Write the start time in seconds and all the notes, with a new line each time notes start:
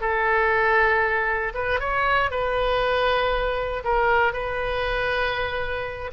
0.00 A4
1.54 B4
1.79 C#5
2.30 B4
3.84 A#4
4.33 B4